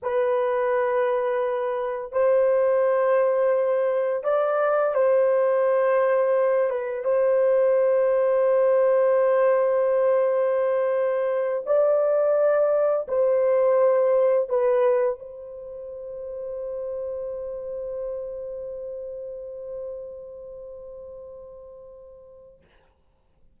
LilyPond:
\new Staff \with { instrumentName = "horn" } { \time 4/4 \tempo 4 = 85 b'2. c''4~ | c''2 d''4 c''4~ | c''4. b'8 c''2~ | c''1~ |
c''8 d''2 c''4.~ | c''8 b'4 c''2~ c''8~ | c''1~ | c''1 | }